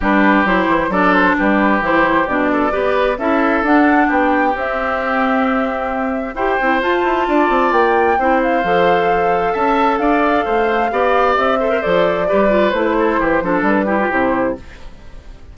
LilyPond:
<<
  \new Staff \with { instrumentName = "flute" } { \time 4/4 \tempo 4 = 132 b'4 c''4 d''8 c''8 b'4 | c''4 d''2 e''4 | fis''4 g''4 e''2~ | e''2 g''4 a''4~ |
a''4 g''4. f''4.~ | f''4 a''4 f''2~ | f''4 e''4 d''2 | c''2 b'4 c''4 | }
  \new Staff \with { instrumentName = "oboe" } { \time 4/4 g'2 a'4 g'4~ | g'4. a'8 b'4 a'4~ | a'4 g'2.~ | g'2 c''2 |
d''2 c''2~ | c''4 e''4 d''4 c''4 | d''4. c''4. b'4~ | b'8 a'8 g'8 a'4 g'4. | }
  \new Staff \with { instrumentName = "clarinet" } { \time 4/4 d'4 e'4 d'2 | e'4 d'4 g'4 e'4 | d'2 c'2~ | c'2 g'8 e'8 f'4~ |
f'2 e'4 a'4~ | a'1 | g'4. a'16 ais'16 a'4 g'8 f'8 | e'4. d'4 e'16 f'16 e'4 | }
  \new Staff \with { instrumentName = "bassoon" } { \time 4/4 g4 fis8 e8 fis4 g4 | e4 b,4 b4 cis'4 | d'4 b4 c'2~ | c'2 e'8 c'8 f'8 e'8 |
d'8 c'8 ais4 c'4 f4~ | f4 cis'4 d'4 a4 | b4 c'4 f4 g4 | a4 e8 f8 g4 c4 | }
>>